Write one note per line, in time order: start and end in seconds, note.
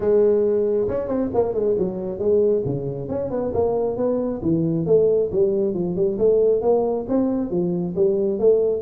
0.00 0.87 G#3
0.88 1.07 C#4
1.07 1.30 C4
1.34 1.54 A#3
1.54 1.76 G#3
1.78 2.18 F#3
2.18 2.62 G#3
2.65 3.09 C#3
3.09 3.30 C#4
3.30 3.52 B3
3.53 3.97 A#3
3.97 4.41 B3
4.42 4.85 E3
4.85 5.30 A3
5.31 5.74 G3
5.74 5.96 F3
5.96 6.18 G3
6.18 6.61 A3
6.61 7.05 A#3
7.08 7.50 C4
7.50 7.94 F3
7.95 8.39 G3
8.39 8.81 A3